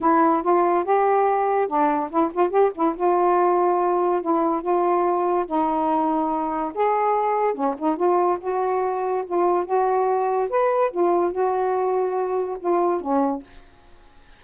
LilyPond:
\new Staff \with { instrumentName = "saxophone" } { \time 4/4 \tempo 4 = 143 e'4 f'4 g'2 | d'4 e'8 f'8 g'8 e'8 f'4~ | f'2 e'4 f'4~ | f'4 dis'2. |
gis'2 cis'8 dis'8 f'4 | fis'2 f'4 fis'4~ | fis'4 b'4 f'4 fis'4~ | fis'2 f'4 cis'4 | }